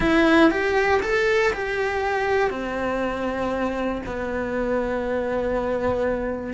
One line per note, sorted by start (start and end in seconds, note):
0.00 0.50 E4
0.50 1.01 G4
1.02 1.52 A4
1.53 2.50 G4
2.50 4.01 C4
4.06 6.53 B3